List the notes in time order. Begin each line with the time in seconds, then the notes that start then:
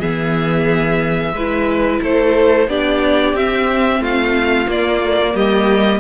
0.00 E3 B3 G#4 E5
1.33 G#3 E4 B4
2.02 A3 A4 C5
2.68 B3 D4 G4 D5
3.34 C4 E5
4.00 A3 F4 F5
4.67 A#3 D5
5.04 A3
5.22 A#3
5.35 G3 G4 D#5